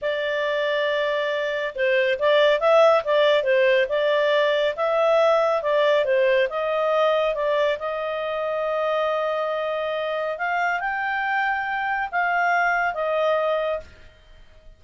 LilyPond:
\new Staff \with { instrumentName = "clarinet" } { \time 4/4 \tempo 4 = 139 d''1 | c''4 d''4 e''4 d''4 | c''4 d''2 e''4~ | e''4 d''4 c''4 dis''4~ |
dis''4 d''4 dis''2~ | dis''1 | f''4 g''2. | f''2 dis''2 | }